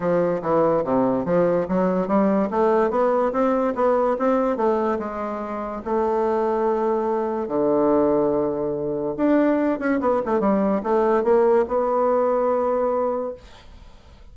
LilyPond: \new Staff \with { instrumentName = "bassoon" } { \time 4/4 \tempo 4 = 144 f4 e4 c4 f4 | fis4 g4 a4 b4 | c'4 b4 c'4 a4 | gis2 a2~ |
a2 d2~ | d2 d'4. cis'8 | b8 a8 g4 a4 ais4 | b1 | }